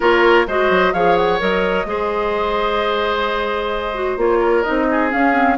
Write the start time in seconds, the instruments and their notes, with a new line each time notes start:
0.00 bassoon A#3, clarinet F4, oboe A#4, flute C#5
0.47 bassoon G#3, clarinet F#4, oboe C5, flute D#5
0.69 bassoon F#3
0.93 bassoon F3, clarinet G#4, oboe C#5, flute F5
1.16 flute F#5
1.39 bassoon F#3, clarinet A#4, flute D#5
1.85 bassoon G#3, clarinet G#4, oboe C5
3.94 clarinet F#4
4.17 bassoon A#3, clarinet F4, flute C#5
4.39 oboe A#4
4.62 clarinet D#4, flute D#5
4.69 bassoon C4
4.90 oboe G#4
5.09 clarinet C#4, bassoon C#4, flute F5
5.33 clarinet C4